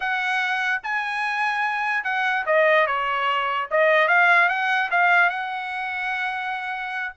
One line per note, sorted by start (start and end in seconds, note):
0.00 0.81 F#5
0.83 2.04 G#5
2.04 2.45 F#5
2.45 2.86 D#5
2.86 3.68 C#5
3.71 4.08 D#5
4.08 4.48 F5
4.48 4.89 F#5
4.91 5.29 F5
5.29 7.13 F#5